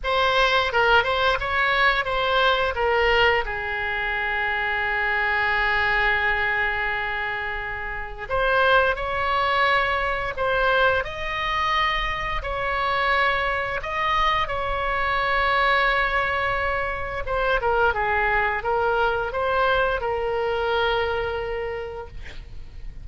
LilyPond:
\new Staff \with { instrumentName = "oboe" } { \time 4/4 \tempo 4 = 87 c''4 ais'8 c''8 cis''4 c''4 | ais'4 gis'2.~ | gis'1 | c''4 cis''2 c''4 |
dis''2 cis''2 | dis''4 cis''2.~ | cis''4 c''8 ais'8 gis'4 ais'4 | c''4 ais'2. | }